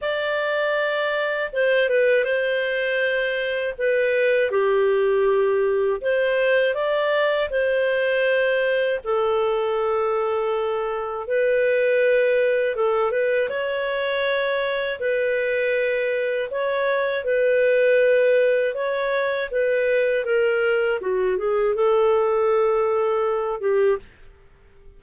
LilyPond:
\new Staff \with { instrumentName = "clarinet" } { \time 4/4 \tempo 4 = 80 d''2 c''8 b'8 c''4~ | c''4 b'4 g'2 | c''4 d''4 c''2 | a'2. b'4~ |
b'4 a'8 b'8 cis''2 | b'2 cis''4 b'4~ | b'4 cis''4 b'4 ais'4 | fis'8 gis'8 a'2~ a'8 g'8 | }